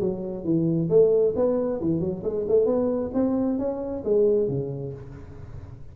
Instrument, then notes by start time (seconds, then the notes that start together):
tuba
0.00 F#3
0.44 E3
0.89 A3
1.35 B3
1.80 E3
2.00 F#3
2.23 G#3
2.48 A3
2.65 B3
3.13 C4
3.58 C#4
4.04 G#3
4.48 C#3